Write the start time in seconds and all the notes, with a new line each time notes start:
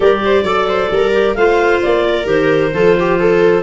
0.00 G3 G4 A#4 D5
0.25 C5
0.43 F#3 A4 D5
0.68 C5
0.90 G3 A#4
1.12 G4
1.34 A3 F4 C5 F5
1.82 A#3 D5
2.07 A#4
2.24 D#3 G4 C5
2.72 F3 F4 A4
2.99 G4
3.19 A4